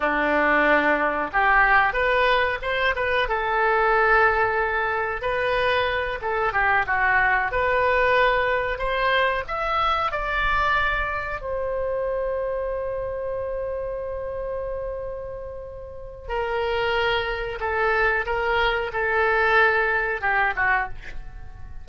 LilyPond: \new Staff \with { instrumentName = "oboe" } { \time 4/4 \tempo 4 = 92 d'2 g'4 b'4 | c''8 b'8 a'2. | b'4. a'8 g'8 fis'4 b'8~ | b'4. c''4 e''4 d''8~ |
d''4. c''2~ c''8~ | c''1~ | c''4 ais'2 a'4 | ais'4 a'2 g'8 fis'8 | }